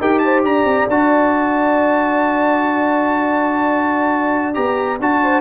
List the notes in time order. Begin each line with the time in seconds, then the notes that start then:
0.00 D#4 G4 A#4 G5
0.19 C5 A5
0.44 D4 D5 A#5
0.65 C4
0.88 D4 F#4 A5
4.55 B3 G4 A#5
5.00 D4 F#4 A5
5.23 C5